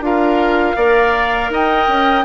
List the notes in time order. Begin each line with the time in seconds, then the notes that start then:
0.00 D4 F4 A#4 F5
0.76 A#3 A#4 D5
1.50 D#4 D#5 G5
1.88 C#4